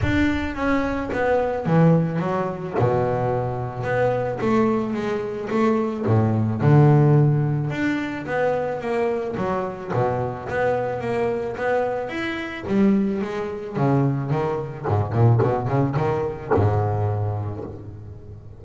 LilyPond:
\new Staff \with { instrumentName = "double bass" } { \time 4/4 \tempo 4 = 109 d'4 cis'4 b4 e4 | fis4 b,2 b4 | a4 gis4 a4 a,4 | d2 d'4 b4 |
ais4 fis4 b,4 b4 | ais4 b4 e'4 g4 | gis4 cis4 dis4 gis,8 ais,8 | b,8 cis8 dis4 gis,2 | }